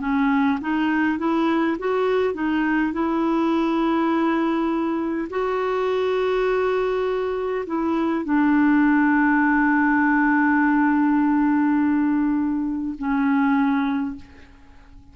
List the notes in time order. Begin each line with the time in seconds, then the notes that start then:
0.00 C#4
0.61 D#4
1.19 E4
1.79 F#4
2.34 D#4
2.93 E4
5.30 F#4
7.67 E4
8.25 D4
12.99 C#4